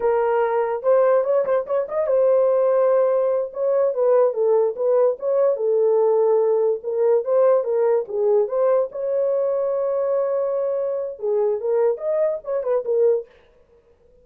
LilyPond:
\new Staff \with { instrumentName = "horn" } { \time 4/4 \tempo 4 = 145 ais'2 c''4 cis''8 c''8 | cis''8 dis''8 c''2.~ | c''8 cis''4 b'4 a'4 b'8~ | b'8 cis''4 a'2~ a'8~ |
a'8 ais'4 c''4 ais'4 gis'8~ | gis'8 c''4 cis''2~ cis''8~ | cis''2. gis'4 | ais'4 dis''4 cis''8 b'8 ais'4 | }